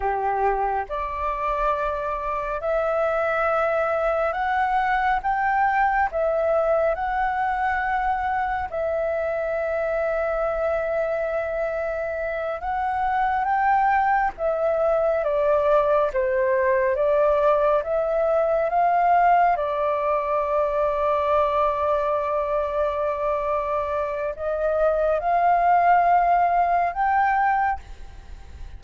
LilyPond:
\new Staff \with { instrumentName = "flute" } { \time 4/4 \tempo 4 = 69 g'4 d''2 e''4~ | e''4 fis''4 g''4 e''4 | fis''2 e''2~ | e''2~ e''8 fis''4 g''8~ |
g''8 e''4 d''4 c''4 d''8~ | d''8 e''4 f''4 d''4.~ | d''1 | dis''4 f''2 g''4 | }